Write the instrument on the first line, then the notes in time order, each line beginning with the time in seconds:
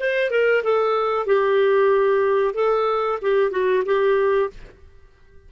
clarinet
0.00 C5
0.31 A#4
0.64 A4
1.27 G4
2.55 A4
3.22 G4
3.51 F#4
3.86 G4